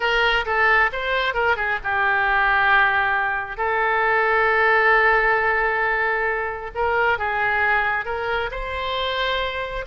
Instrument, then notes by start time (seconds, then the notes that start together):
oboe
0.00 A#4
0.45 A4
0.92 C5
1.34 A#4
1.56 G#4
1.83 G4
3.57 A4
6.74 A#4
7.18 G#4
8.05 A#4
8.51 C5